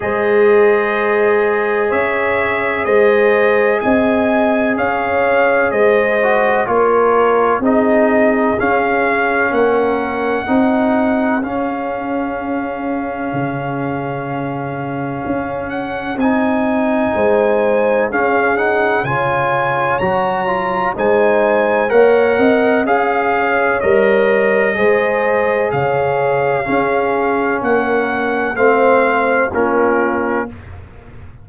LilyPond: <<
  \new Staff \with { instrumentName = "trumpet" } { \time 4/4 \tempo 4 = 63 dis''2 e''4 dis''4 | gis''4 f''4 dis''4 cis''4 | dis''4 f''4 fis''2 | f''1~ |
f''8 fis''8 gis''2 f''8 fis''8 | gis''4 ais''4 gis''4 fis''4 | f''4 dis''2 f''4~ | f''4 fis''4 f''4 ais'4 | }
  \new Staff \with { instrumentName = "horn" } { \time 4/4 c''2 cis''4 c''4 | dis''4 cis''4 c''4 ais'4 | gis'2 ais'4 gis'4~ | gis'1~ |
gis'2 c''4 gis'4 | cis''2 c''4 cis''8 dis''8 | f''8 cis''4. c''4 cis''4 | gis'4 ais'4 c''4 f'4 | }
  \new Staff \with { instrumentName = "trombone" } { \time 4/4 gis'1~ | gis'2~ gis'8 fis'8 f'4 | dis'4 cis'2 dis'4 | cis'1~ |
cis'4 dis'2 cis'8 dis'8 | f'4 fis'8 f'8 dis'4 ais'4 | gis'4 ais'4 gis'2 | cis'2 c'4 cis'4 | }
  \new Staff \with { instrumentName = "tuba" } { \time 4/4 gis2 cis'4 gis4 | c'4 cis'4 gis4 ais4 | c'4 cis'4 ais4 c'4 | cis'2 cis2 |
cis'4 c'4 gis4 cis'4 | cis4 fis4 gis4 ais8 c'8 | cis'4 g4 gis4 cis4 | cis'4 ais4 a4 ais4 | }
>>